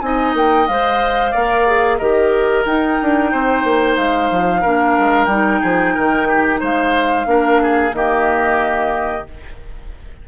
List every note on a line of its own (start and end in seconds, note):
0.00 0.34 C4
0.00 0.68 D#4
0.00 1.31 D#5
0.00 0.33 G#5
0.34 0.66 A#3
0.34 0.67 G5
0.67 1.34 G#3
0.67 1.34 C5
0.67 1.98 F5
1.31 2.00 A#3
1.31 1.66 A#4
1.31 1.97 D5
1.66 1.99 G#4
1.98 2.65 D#3
1.98 2.65 G4
1.98 3.30 A#4
1.98 2.64 D#5
2.65 4.62 D#4
2.65 2.98 D#4
2.65 3.96 G5
3.01 3.33 D4
3.31 3.63 C4
3.31 4.61 C5
3.63 3.96 A#3
3.96 4.30 G#3
3.96 5.25 F5
4.31 4.64 F3
4.61 4.98 A#3
4.61 5.29 D4
4.61 5.60 A#4
4.98 5.26 G#3
5.25 5.59 G3
5.25 7.25 D#4
5.25 6.56 G5
5.60 5.96 F3
5.60 5.93 G#4
5.94 6.62 D#3
5.94 6.27 A#4
6.28 6.60 G4
6.60 7.26 G#3
6.60 7.26 C5
6.60 7.94 F5
7.25 7.92 A#3
7.25 7.91 D4
7.25 7.62 A#4
7.62 7.95 G#4
7.92 9.24 D#3
7.92 9.24 A#3
7.92 9.28 G4
7.92 9.26 D#5